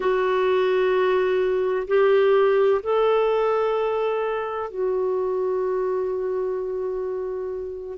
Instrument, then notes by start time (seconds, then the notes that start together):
clarinet
0.00 F#4
1.87 G4
2.83 A4
4.70 F#4